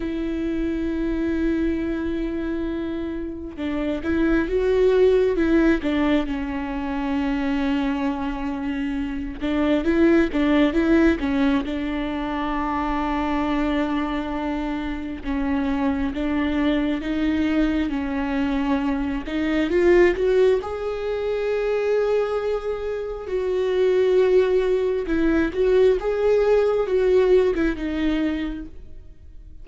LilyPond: \new Staff \with { instrumentName = "viola" } { \time 4/4 \tempo 4 = 67 e'1 | d'8 e'8 fis'4 e'8 d'8 cis'4~ | cis'2~ cis'8 d'8 e'8 d'8 | e'8 cis'8 d'2.~ |
d'4 cis'4 d'4 dis'4 | cis'4. dis'8 f'8 fis'8 gis'4~ | gis'2 fis'2 | e'8 fis'8 gis'4 fis'8. e'16 dis'4 | }